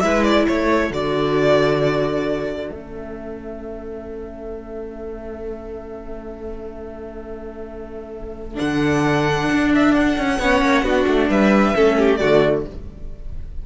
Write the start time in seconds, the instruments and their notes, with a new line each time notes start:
0.00 cello G#3, viola E4, violin B4 E5
0.23 violin D5
0.47 cello A3, violin A4 C#5
0.90 cello D3, viola F#4, violin D5
2.71 cello A3, viola C#4, violin E5
8.55 cello D3, viola D4, violin F#5
9.51 cello D4
9.75 violin E5
9.95 violin F#5
10.18 cello C#4
10.39 cello B3, viola C#4, violin C#5
10.62 cello A#3
10.82 cello B3, viola D4, violin F#4
11.08 cello A3
11.29 cello G3, violin B4 E5
11.75 cello A3, viola C#4, violin A4
11.98 violin G4
12.16 cello D3, viola A3, violin F#4 D5